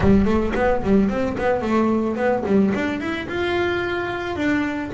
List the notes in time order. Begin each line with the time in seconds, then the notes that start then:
0.00 G3
0.25 A3
0.55 B3
0.82 G3
1.09 C4
1.37 B3
1.61 A3
2.16 B3
2.45 G3
2.74 D4
3.00 E4
3.28 F4
4.36 D4